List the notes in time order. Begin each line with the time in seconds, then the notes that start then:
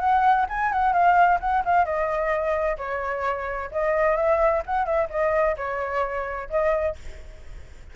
0.00 F#5
0.49 G#5
0.72 F#5
0.93 F5
1.40 F#5
1.65 F5
1.85 D#5
2.78 C#5
3.71 D#5
4.16 E5
4.66 F#5
4.85 E5
5.10 D#5
5.57 C#5
6.50 D#5